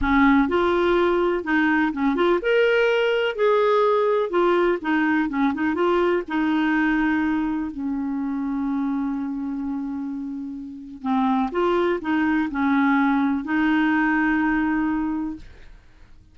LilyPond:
\new Staff \with { instrumentName = "clarinet" } { \time 4/4 \tempo 4 = 125 cis'4 f'2 dis'4 | cis'8 f'8 ais'2 gis'4~ | gis'4 f'4 dis'4 cis'8 dis'8 | f'4 dis'2. |
cis'1~ | cis'2. c'4 | f'4 dis'4 cis'2 | dis'1 | }